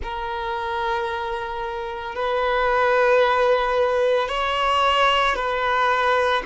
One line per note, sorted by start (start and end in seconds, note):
0.02 2.15 A#4
2.15 4.28 B4
4.28 5.35 C#5
5.35 6.42 B4